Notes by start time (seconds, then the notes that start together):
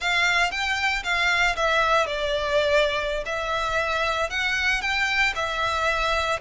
0.00 F5
0.51 G5
1.03 F5
1.55 E5
2.06 D5
3.25 E5
4.30 F#5
4.81 G5
5.35 E5